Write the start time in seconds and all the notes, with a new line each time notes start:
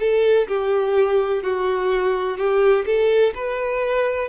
0.00 A4
0.48 G4
1.43 F#4
2.37 G4
2.86 A4
3.34 B4